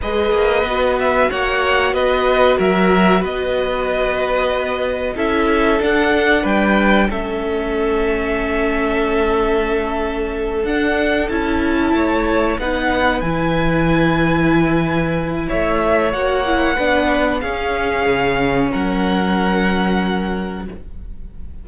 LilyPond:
<<
  \new Staff \with { instrumentName = "violin" } { \time 4/4 \tempo 4 = 93 dis''4. e''8 fis''4 dis''4 | e''4 dis''2. | e''4 fis''4 g''4 e''4~ | e''1~ |
e''8 fis''4 a''2 fis''8~ | fis''8 gis''2.~ gis''8 | e''4 fis''2 f''4~ | f''4 fis''2. | }
  \new Staff \with { instrumentName = "violin" } { \time 4/4 b'2 cis''4 b'4 | ais'4 b'2. | a'2 b'4 a'4~ | a'1~ |
a'2~ a'8 cis''4 b'8~ | b'1 | cis''2 b'4 gis'4~ | gis'4 ais'2. | }
  \new Staff \with { instrumentName = "viola" } { \time 4/4 gis'4 fis'2.~ | fis'1 | e'4 d'2 cis'4~ | cis'1~ |
cis'8 d'4 e'2 dis'8~ | dis'8 e'2.~ e'8~ | e'4 fis'8 e'8 d'4 cis'4~ | cis'1 | }
  \new Staff \with { instrumentName = "cello" } { \time 4/4 gis8 ais8 b4 ais4 b4 | fis4 b2. | cis'4 d'4 g4 a4~ | a1~ |
a8 d'4 cis'4 a4 b8~ | b8 e2.~ e8 | a4 ais4 b4 cis'4 | cis4 fis2. | }
>>